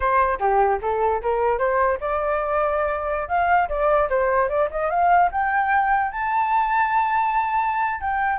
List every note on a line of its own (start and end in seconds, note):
0.00 0.38 C5
0.39 0.79 G4
0.81 1.21 A4
1.22 1.58 A#4
1.58 1.98 C5
2.00 3.28 D5
3.28 3.68 F5
3.69 4.09 D5
4.09 4.48 C5
4.48 4.68 D5
4.70 4.89 D#5
4.89 5.29 F5
5.31 6.11 G5
6.11 8.00 A5
8.00 8.39 G5